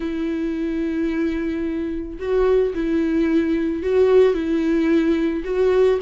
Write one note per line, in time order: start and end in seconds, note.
0.00 2.18 E4
2.19 2.73 F#4
2.74 3.83 E4
3.83 4.34 F#4
4.34 5.43 E4
5.44 5.99 F#4